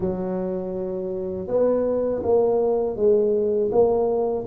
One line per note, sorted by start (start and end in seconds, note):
0.00 1.47 F#3
1.47 2.22 B3
2.23 2.96 A#3
2.96 3.70 G#3
3.71 4.45 A#3